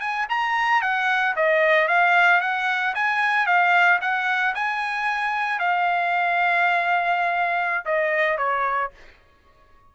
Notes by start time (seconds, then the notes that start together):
0.00 G#5
0.29 A#5
0.82 F#5
1.36 D#5
1.88 F5
2.41 F#5
2.95 G#5
3.46 F5
4.01 F#5
4.55 G#5
5.59 F5
7.85 D#5
8.38 C#5